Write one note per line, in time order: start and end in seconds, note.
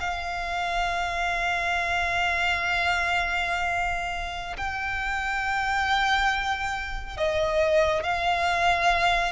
0.00 4.57 F5
4.57 7.17 G5
7.17 8.04 D#5
8.04 9.32 F5